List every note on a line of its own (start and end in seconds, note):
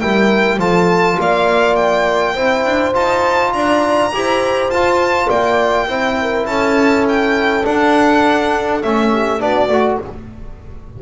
0.00 0.57 G3
0.00 0.59 E4
0.00 0.59 A#4
0.00 0.59 G5
0.57 1.16 F3
0.57 2.35 F4
0.57 1.18 A4
0.57 1.19 A5
1.19 2.36 A#3
1.19 2.34 D5
1.19 1.75 F5
1.75 2.93 G5
2.34 2.65 C4
2.34 2.93 E4
2.34 3.52 C5
2.65 2.95 D4
2.93 3.54 D#4
2.93 4.11 F4
2.93 3.53 A5
3.53 4.13 D4
3.53 4.14 D5
3.53 4.70 A#5
4.13 4.68 E4
4.13 4.72 G4
4.13 5.28 C5
4.68 5.27 F4
4.68 5.88 F4
4.68 5.29 A5
5.28 5.87 A#3
5.28 5.87 D5
5.28 6.46 G5
5.87 6.45 C4
5.87 7.64 E4
5.87 6.17 C5
6.21 6.48 A#4
6.46 7.64 C#4
6.46 9.12 A4
6.46 7.05 A5
7.08 7.65 G5
7.64 8.81 D4
7.64 8.83 D4
7.64 8.82 F#5
8.82 9.41 A3
8.82 9.39 C#4
8.82 9.41 E5
9.12 9.41 G4
9.39 9.69 B3
9.39 9.69 D4
9.39 10.02 F#4
9.39 10.00 D5
9.69 9.98 A3
9.69 10.02 F#4